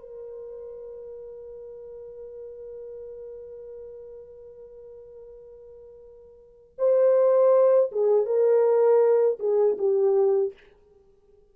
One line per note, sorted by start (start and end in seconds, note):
0.00 6.75 A#4
6.78 7.91 C5
7.92 8.26 G#4
8.26 9.39 A#4
9.39 9.77 G#4
9.78 10.53 G4